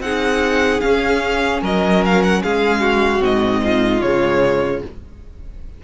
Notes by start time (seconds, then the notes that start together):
0.00 C4 D#4 G#4 F#5
0.81 C#4 F5
1.62 F#3 A#4 D#5
2.05 F5
2.23 F#5
2.43 G#3 G#4 F5
2.81 F#4
3.19 G#2 C4
3.25 D#5
3.63 F4
4.02 C#3 G#3 C#5